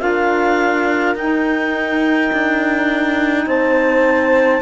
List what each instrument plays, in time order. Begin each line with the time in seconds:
0.00 cello D4, saxophone F4, horn A#4, clarinet F5
1.16 cello D#4, saxophone D#4, clarinet G5
2.33 cello D4
3.46 cello C4, horn C5, clarinet A5